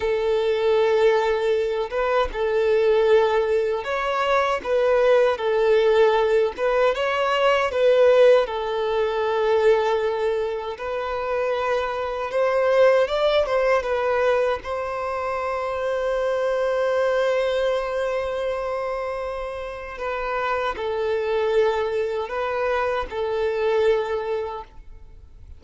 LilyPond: \new Staff \with { instrumentName = "violin" } { \time 4/4 \tempo 4 = 78 a'2~ a'8 b'8 a'4~ | a'4 cis''4 b'4 a'4~ | a'8 b'8 cis''4 b'4 a'4~ | a'2 b'2 |
c''4 d''8 c''8 b'4 c''4~ | c''1~ | c''2 b'4 a'4~ | a'4 b'4 a'2 | }